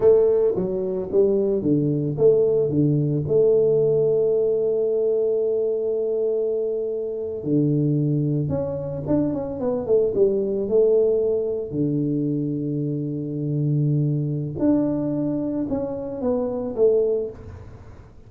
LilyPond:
\new Staff \with { instrumentName = "tuba" } { \time 4/4 \tempo 4 = 111 a4 fis4 g4 d4 | a4 d4 a2~ | a1~ | a4.~ a16 d2 cis'16~ |
cis'8. d'8 cis'8 b8 a8 g4 a16~ | a4.~ a16 d2~ d16~ | d2. d'4~ | d'4 cis'4 b4 a4 | }